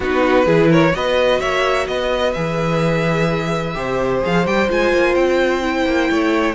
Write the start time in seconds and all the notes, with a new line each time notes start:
0.00 B3 D#4 F#4 B4
0.45 E3 E4 G#4
0.69 A#4 C#5
0.93 B3 F#4 B4 D#5
1.40 A#3 C#5 E5
1.87 B3 B4 D#5
2.32 E3 G#4 E5
3.74 C3 G4 C5
4.21 F3 G#4 F5
4.46 G3 G4 G5
4.68 G#3 F4 G#5
4.92 A#3
5.15 C4 G5
5.62 E4
5.85 A#3
6.10 A3 C#5